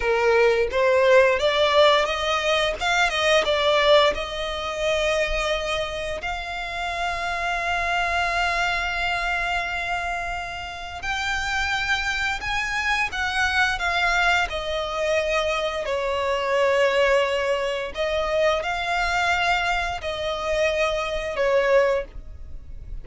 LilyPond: \new Staff \with { instrumentName = "violin" } { \time 4/4 \tempo 4 = 87 ais'4 c''4 d''4 dis''4 | f''8 dis''8 d''4 dis''2~ | dis''4 f''2.~ | f''1 |
g''2 gis''4 fis''4 | f''4 dis''2 cis''4~ | cis''2 dis''4 f''4~ | f''4 dis''2 cis''4 | }